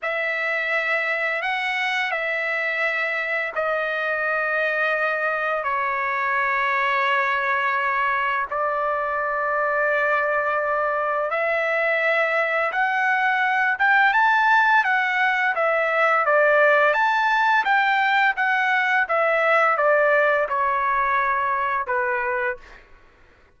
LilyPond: \new Staff \with { instrumentName = "trumpet" } { \time 4/4 \tempo 4 = 85 e''2 fis''4 e''4~ | e''4 dis''2. | cis''1 | d''1 |
e''2 fis''4. g''8 | a''4 fis''4 e''4 d''4 | a''4 g''4 fis''4 e''4 | d''4 cis''2 b'4 | }